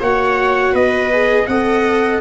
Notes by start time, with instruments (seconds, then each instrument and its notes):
0.00 tuba A#3, viola F#4 C#5, trumpet F#5
0.72 tuba B3, viola B4, trumpet D#5
1.12 viola G#4
1.47 tuba C4, viola A4 D#5, trumpet F#5